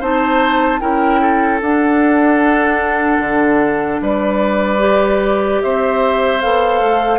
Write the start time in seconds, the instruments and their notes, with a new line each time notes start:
0.00 bassoon C4, clarinet D#4, oboe C5, flute A5
0.80 bassoon C#4, clarinet E4, oboe A#4, flute G5
1.21 oboe A4
1.61 bassoon D4, clarinet D4, flute F#5
3.19 bassoon D3
4.01 bassoon G3, oboe B4, flute D5
4.79 clarinet G4
5.61 bassoon C4, oboe C5, flute E5
6.41 bassoon B3, clarinet A4, flute F5
6.81 bassoon A3